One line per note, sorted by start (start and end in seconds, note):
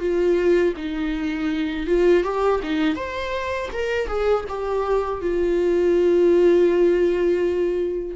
0.00 0.74 F4
0.77 1.87 D#4
1.87 2.24 F4
2.24 2.61 G4
2.63 2.95 D#4
2.95 3.69 C5
3.73 4.07 A#4
4.07 4.44 G#4
4.49 5.21 G4
5.21 8.16 F4